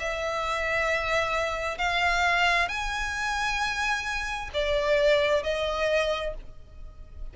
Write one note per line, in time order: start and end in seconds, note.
0.00 1.79 E5
1.79 2.69 F5
2.69 4.51 G#5
4.54 5.43 D5
5.43 6.34 D#5